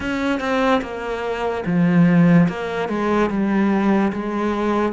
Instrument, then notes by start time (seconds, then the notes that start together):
cello
0.00 C#4
0.40 C4
0.81 A#3
1.66 F3
2.48 A#3
2.88 G#3
3.30 G3
4.12 G#3